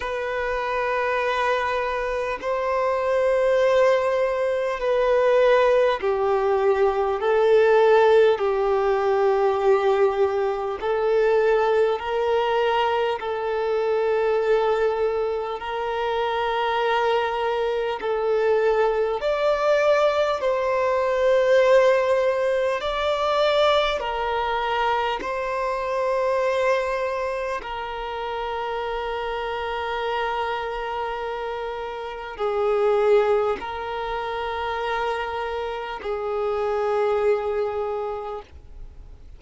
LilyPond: \new Staff \with { instrumentName = "violin" } { \time 4/4 \tempo 4 = 50 b'2 c''2 | b'4 g'4 a'4 g'4~ | g'4 a'4 ais'4 a'4~ | a'4 ais'2 a'4 |
d''4 c''2 d''4 | ais'4 c''2 ais'4~ | ais'2. gis'4 | ais'2 gis'2 | }